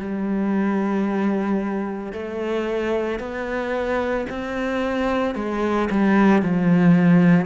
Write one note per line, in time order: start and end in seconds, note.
0.00 2.13 G3
2.13 3.19 A3
3.19 4.27 B3
4.30 5.35 C4
5.35 5.89 G#3
5.91 6.42 G3
6.42 7.46 F3